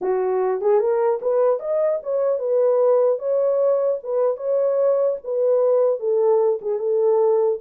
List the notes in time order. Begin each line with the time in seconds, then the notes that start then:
0.01 F#4
0.61 G#4
0.79 A#4
1.21 B4
1.59 D#5
2.02 C#5
2.39 B4
3.19 C#5
4.03 B4
4.36 C#5
5.24 B4
5.99 A4
6.61 G#4
6.79 A4